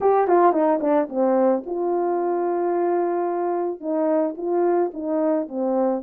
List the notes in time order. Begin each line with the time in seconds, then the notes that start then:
0.00 G4
0.27 F4
0.52 D#4
0.81 D4
1.09 C4
1.65 F4
3.80 D#4
4.37 F4
4.93 D#4
5.48 C4